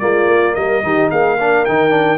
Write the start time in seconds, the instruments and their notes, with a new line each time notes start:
0.00 tuba G#3, trombone A#3, horn F4, trumpet D5
0.27 tuba A#3
0.55 tuba G3, horn A#4, trumpet D#5
0.83 tuba D#3, trombone D#4, horn G4
1.11 tuba A#3, horn G#4, trumpet F5
1.38 trombone D4, horn A#4
1.66 tuba D#3, trombone D#4, trumpet G5
1.90 trombone D4